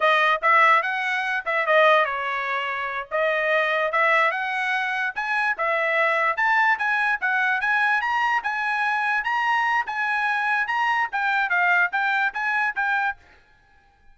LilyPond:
\new Staff \with { instrumentName = "trumpet" } { \time 4/4 \tempo 4 = 146 dis''4 e''4 fis''4. e''8 | dis''4 cis''2~ cis''8 dis''8~ | dis''4. e''4 fis''4.~ | fis''8 gis''4 e''2 a''8~ |
a''8 gis''4 fis''4 gis''4 ais''8~ | ais''8 gis''2 ais''4. | gis''2 ais''4 g''4 | f''4 g''4 gis''4 g''4 | }